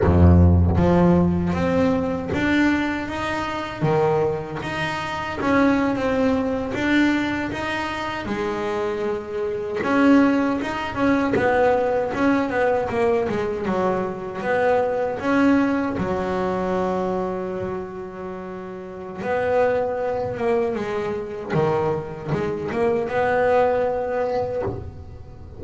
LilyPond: \new Staff \with { instrumentName = "double bass" } { \time 4/4 \tempo 4 = 78 f,4 f4 c'4 d'4 | dis'4 dis4 dis'4 cis'8. c'16~ | c'8. d'4 dis'4 gis4~ gis16~ | gis8. cis'4 dis'8 cis'8 b4 cis'16~ |
cis'16 b8 ais8 gis8 fis4 b4 cis'16~ | cis'8. fis2.~ fis16~ | fis4 b4. ais8 gis4 | dis4 gis8 ais8 b2 | }